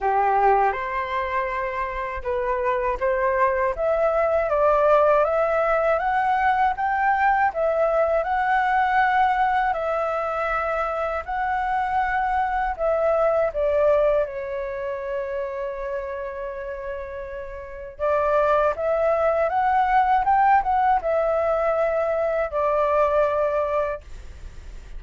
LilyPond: \new Staff \with { instrumentName = "flute" } { \time 4/4 \tempo 4 = 80 g'4 c''2 b'4 | c''4 e''4 d''4 e''4 | fis''4 g''4 e''4 fis''4~ | fis''4 e''2 fis''4~ |
fis''4 e''4 d''4 cis''4~ | cis''1 | d''4 e''4 fis''4 g''8 fis''8 | e''2 d''2 | }